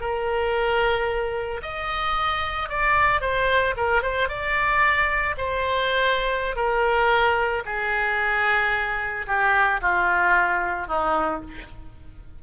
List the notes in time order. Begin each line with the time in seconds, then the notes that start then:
0.00 A#4
1.62 D#5
2.69 D5
3.21 C5
3.76 A#4
4.02 C5
4.28 D5
5.37 C5
6.56 A#4
7.65 G#4
9.27 G4
9.81 F4
10.87 D#4